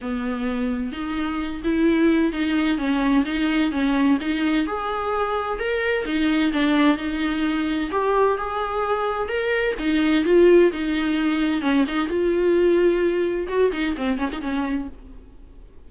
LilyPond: \new Staff \with { instrumentName = "viola" } { \time 4/4 \tempo 4 = 129 b2 dis'4. e'8~ | e'4 dis'4 cis'4 dis'4 | cis'4 dis'4 gis'2 | ais'4 dis'4 d'4 dis'4~ |
dis'4 g'4 gis'2 | ais'4 dis'4 f'4 dis'4~ | dis'4 cis'8 dis'8 f'2~ | f'4 fis'8 dis'8 c'8 cis'16 dis'16 cis'4 | }